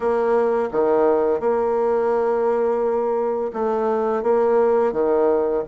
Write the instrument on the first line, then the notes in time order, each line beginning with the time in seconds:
bassoon
0.00 A#3
0.71 D#3
1.39 A#3
3.53 A3
4.22 A#3
4.92 D#3